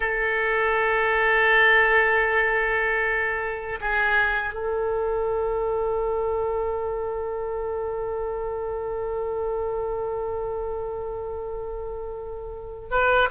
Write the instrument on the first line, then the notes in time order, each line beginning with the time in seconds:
oboe
0.00 A4
3.80 G#4
4.53 A4
12.90 B4